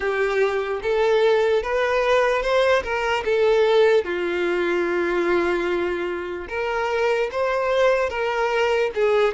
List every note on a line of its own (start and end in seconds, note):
0.00 0.80 G4
0.82 1.63 A4
1.63 2.42 B4
2.42 2.82 C5
2.83 3.23 A#4
3.24 4.04 A4
4.04 6.47 F4
6.49 7.30 A#4
7.31 8.09 C5
8.09 8.90 A#4
8.94 9.34 G#4